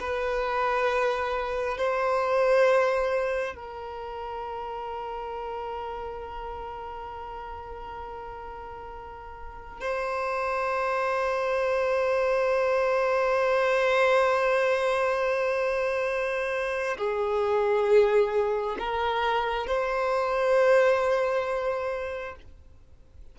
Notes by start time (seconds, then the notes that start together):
0.00 B4
1.78 C5
3.55 A#4
9.81 C5
16.98 G#4
18.79 A#4
19.67 C5